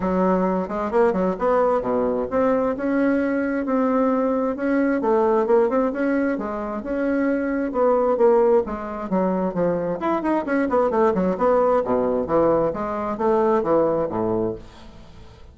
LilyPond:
\new Staff \with { instrumentName = "bassoon" } { \time 4/4 \tempo 4 = 132 fis4. gis8 ais8 fis8 b4 | b,4 c'4 cis'2 | c'2 cis'4 a4 | ais8 c'8 cis'4 gis4 cis'4~ |
cis'4 b4 ais4 gis4 | fis4 f4 e'8 dis'8 cis'8 b8 | a8 fis8 b4 b,4 e4 | gis4 a4 e4 a,4 | }